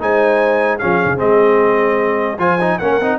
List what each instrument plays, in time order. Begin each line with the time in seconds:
0.00 tuba G#3, trombone D#4, horn C5, trumpet G#5
0.79 tuba F3, trombone C#4, horn G#4, trumpet F5
1.06 tuba C#3
1.18 tuba G#3, trombone C4, trumpet D#5
2.39 tuba F3, trombone F4, horn C5, trumpet G#5
2.61 trombone D#4
2.79 tuba A#3, trombone C#4, horn A#4, trumpet F#5
3.02 tuba C4, trombone D#4